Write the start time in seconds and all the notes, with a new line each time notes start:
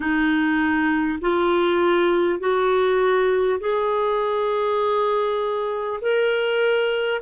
0.00 D#4
1.21 F4
2.39 F#4
3.60 G#4
6.01 A#4